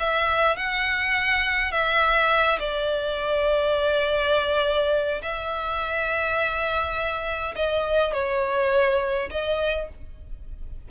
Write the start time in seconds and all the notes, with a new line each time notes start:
0.00 E5
0.57 F#5
1.72 E5
2.59 D5
5.22 E5
7.56 D#5
8.13 C#5
9.30 D#5